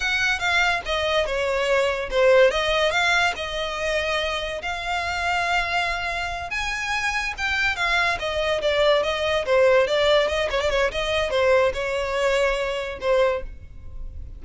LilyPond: \new Staff \with { instrumentName = "violin" } { \time 4/4 \tempo 4 = 143 fis''4 f''4 dis''4 cis''4~ | cis''4 c''4 dis''4 f''4 | dis''2. f''4~ | f''2.~ f''8 gis''8~ |
gis''4. g''4 f''4 dis''8~ | dis''8 d''4 dis''4 c''4 d''8~ | d''8 dis''8 cis''16 d''16 cis''8 dis''4 c''4 | cis''2. c''4 | }